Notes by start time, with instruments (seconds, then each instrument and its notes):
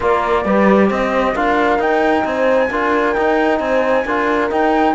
0.00 cello A#3, trombone F4, horn A#4, flute D5
0.45 cello G3, trombone G4, horn B4
0.87 cello C4, horn C5, flute D#5
1.34 cello D4, trombone F4, horn A#4, flute F5
1.78 cello D#4, trombone D#4, flute G5
2.24 cello C4, horn C5, flute G#5
2.70 cello D4, trombone F4, horn A#4
3.13 trombone D#4, cello D#4, flute G5
3.58 cello C4, horn C5, flute G#5
4.05 cello D4, trombone F4, horn A#4
4.50 trombone D#4, cello D#4, flute G5